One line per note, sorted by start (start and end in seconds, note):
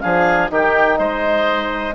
0.00 0.50 F3
0.00 0.50 D4
0.00 0.51 G#4
0.00 0.48 F5
0.50 0.99 D#3
0.50 1.94 D#4
0.50 0.98 G4
0.50 0.97 G5
0.97 1.94 G#3
0.97 1.94 C5
0.97 1.94 D#5